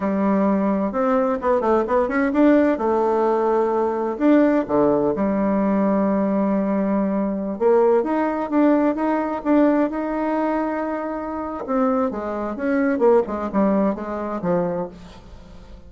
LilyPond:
\new Staff \with { instrumentName = "bassoon" } { \time 4/4 \tempo 4 = 129 g2 c'4 b8 a8 | b8 cis'8 d'4 a2~ | a4 d'4 d4 g4~ | g1~ |
g16 ais4 dis'4 d'4 dis'8.~ | dis'16 d'4 dis'2~ dis'8.~ | dis'4 c'4 gis4 cis'4 | ais8 gis8 g4 gis4 f4 | }